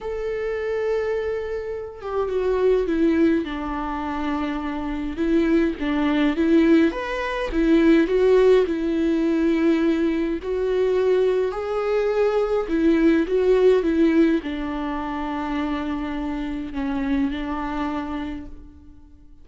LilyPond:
\new Staff \with { instrumentName = "viola" } { \time 4/4 \tempo 4 = 104 a'2.~ a'8 g'8 | fis'4 e'4 d'2~ | d'4 e'4 d'4 e'4 | b'4 e'4 fis'4 e'4~ |
e'2 fis'2 | gis'2 e'4 fis'4 | e'4 d'2.~ | d'4 cis'4 d'2 | }